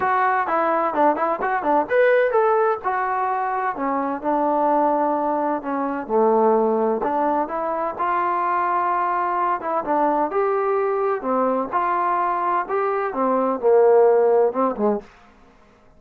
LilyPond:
\new Staff \with { instrumentName = "trombone" } { \time 4/4 \tempo 4 = 128 fis'4 e'4 d'8 e'8 fis'8 d'8 | b'4 a'4 fis'2 | cis'4 d'2. | cis'4 a2 d'4 |
e'4 f'2.~ | f'8 e'8 d'4 g'2 | c'4 f'2 g'4 | c'4 ais2 c'8 gis8 | }